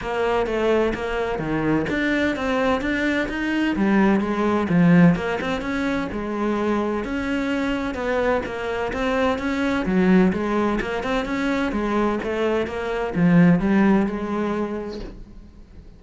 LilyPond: \new Staff \with { instrumentName = "cello" } { \time 4/4 \tempo 4 = 128 ais4 a4 ais4 dis4 | d'4 c'4 d'4 dis'4 | g4 gis4 f4 ais8 c'8 | cis'4 gis2 cis'4~ |
cis'4 b4 ais4 c'4 | cis'4 fis4 gis4 ais8 c'8 | cis'4 gis4 a4 ais4 | f4 g4 gis2 | }